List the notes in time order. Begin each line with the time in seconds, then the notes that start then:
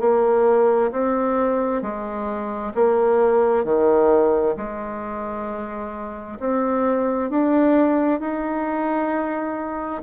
0.00 A#3
0.91 C4
1.82 G#3
2.74 A#3
3.64 D#3
4.56 G#3
6.39 C4
7.30 D4
8.20 D#4